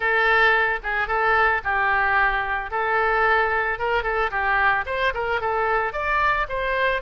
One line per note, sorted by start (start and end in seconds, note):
0.00 0.79 A4
0.83 1.07 G#4
1.07 1.61 A4
1.64 2.70 G4
2.70 3.78 A4
3.78 4.03 A#4
4.03 4.30 A4
4.30 4.85 G4
4.86 5.13 C5
5.14 5.40 A#4
5.40 5.92 A4
5.92 6.46 D5
6.48 7.01 C5